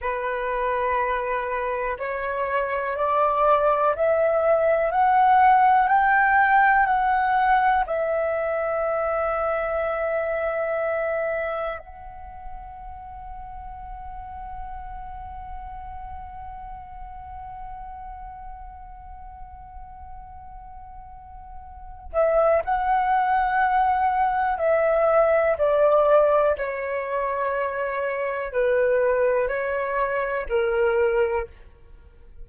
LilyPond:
\new Staff \with { instrumentName = "flute" } { \time 4/4 \tempo 4 = 61 b'2 cis''4 d''4 | e''4 fis''4 g''4 fis''4 | e''1 | fis''1~ |
fis''1~ | fis''2~ fis''8 e''8 fis''4~ | fis''4 e''4 d''4 cis''4~ | cis''4 b'4 cis''4 ais'4 | }